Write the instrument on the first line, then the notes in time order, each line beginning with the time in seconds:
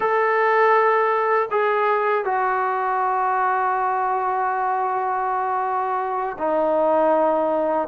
trombone
0.00 A4
1.50 G#4
2.24 F#4
6.38 D#4